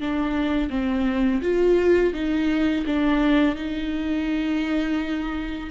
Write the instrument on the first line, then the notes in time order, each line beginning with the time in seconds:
viola
0.00 D4
0.70 C4
1.42 F4
2.13 D#4
2.86 D4
3.56 D#4